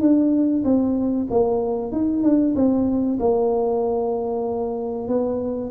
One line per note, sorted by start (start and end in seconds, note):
0.00 0.63 D4
0.64 1.27 C4
1.30 1.92 A#3
1.92 2.23 D#4
2.23 2.54 D4
2.55 3.18 C4
3.19 5.08 A#3
5.08 5.70 B3